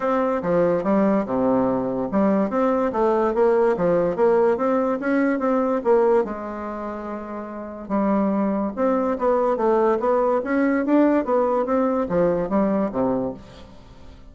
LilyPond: \new Staff \with { instrumentName = "bassoon" } { \time 4/4 \tempo 4 = 144 c'4 f4 g4 c4~ | c4 g4 c'4 a4 | ais4 f4 ais4 c'4 | cis'4 c'4 ais4 gis4~ |
gis2. g4~ | g4 c'4 b4 a4 | b4 cis'4 d'4 b4 | c'4 f4 g4 c4 | }